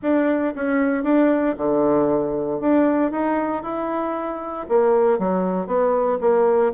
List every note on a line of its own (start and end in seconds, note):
0.02 0.54 D4
0.55 1.03 C#4
1.03 1.55 D4
1.57 2.60 D3
2.60 3.11 D4
3.11 3.62 D#4
3.62 4.66 E4
4.68 5.18 A#3
5.18 5.66 F#3
5.66 6.18 B3
6.20 6.72 A#3